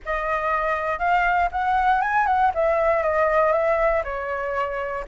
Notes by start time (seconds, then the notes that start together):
0.05 D#5
0.98 F5
1.51 F#5
2.01 G#5
2.26 F#5
2.54 E5
3.03 D#5
3.52 E5
4.04 C#5